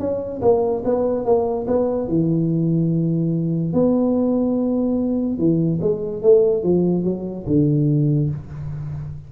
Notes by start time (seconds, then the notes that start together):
0.00 C#4
0.42 A#3
0.85 B3
1.25 A#3
1.68 B3
2.08 E3
3.73 B3
5.38 E3
5.81 G#3
6.23 A3
6.63 F3
7.04 F#3
7.47 D3